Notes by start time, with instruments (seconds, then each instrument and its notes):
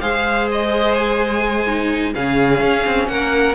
0.00 cello G#3, viola G#4, violin C5 F5
0.51 violin D#5
0.94 violin G#5
1.66 viola D#4
2.13 cello C#3, viola C#4, violin G#4 F5
2.61 cello C#4
2.86 cello C4
3.07 cello A#3, violin A#4 F#5